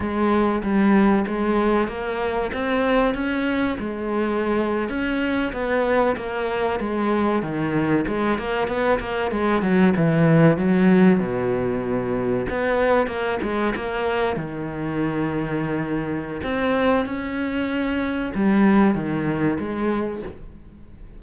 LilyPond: \new Staff \with { instrumentName = "cello" } { \time 4/4 \tempo 4 = 95 gis4 g4 gis4 ais4 | c'4 cis'4 gis4.~ gis16 cis'16~ | cis'8. b4 ais4 gis4 dis16~ | dis8. gis8 ais8 b8 ais8 gis8 fis8 e16~ |
e8. fis4 b,2 b16~ | b8. ais8 gis8 ais4 dis4~ dis16~ | dis2 c'4 cis'4~ | cis'4 g4 dis4 gis4 | }